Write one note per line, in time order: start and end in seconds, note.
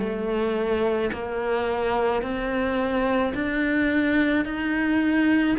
0.00 1.11 A3
1.13 2.23 A#3
2.23 3.34 C4
3.35 4.45 D4
4.45 5.57 D#4